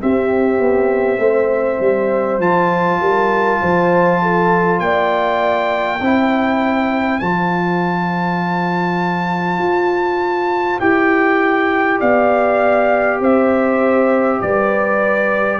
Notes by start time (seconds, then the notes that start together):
0.00 C4 G4 E5
0.59 B3
1.18 A3 C5
1.79 G3
2.39 F3 F4 A5
2.99 G3 A#4
3.61 F3 C5
4.22 A4
4.79 A#3 D5 G5
5.99 C4 E4 C5
7.19 F3 F4 A5
9.58 F4
10.79 E4 G4 G5
12.00 B3 D5 F5
13.20 C4 C5 E5
14.41 G3 B4 D5